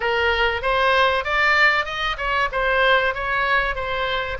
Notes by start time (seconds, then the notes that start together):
0.00 A#4
0.62 C5
1.24 D5
1.85 D#5
2.17 C#5
2.52 C5
3.14 C#5
3.75 C5